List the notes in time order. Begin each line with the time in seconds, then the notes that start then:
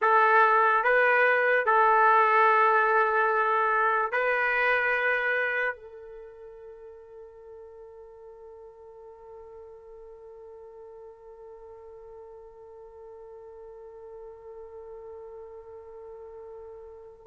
0.01 A4
0.83 B4
1.65 A4
4.11 B4
5.75 A4